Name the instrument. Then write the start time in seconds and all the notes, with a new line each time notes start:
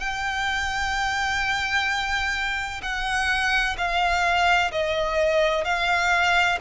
violin
0.00 G5
2.83 F#5
3.78 F5
4.72 D#5
5.65 F5